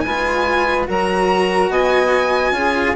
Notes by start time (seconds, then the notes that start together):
0.00 G#3 B4 G#5
0.06 F4
0.87 F#3 F#4 A#4 A#5
1.69 B3 D#5 G#5
2.51 C#4 F4 G#4